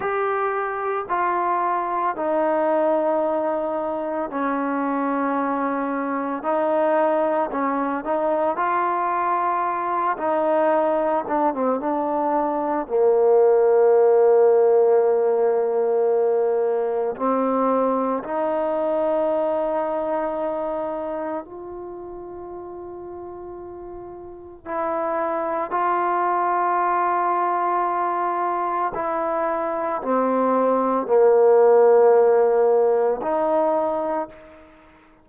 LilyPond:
\new Staff \with { instrumentName = "trombone" } { \time 4/4 \tempo 4 = 56 g'4 f'4 dis'2 | cis'2 dis'4 cis'8 dis'8 | f'4. dis'4 d'16 c'16 d'4 | ais1 |
c'4 dis'2. | f'2. e'4 | f'2. e'4 | c'4 ais2 dis'4 | }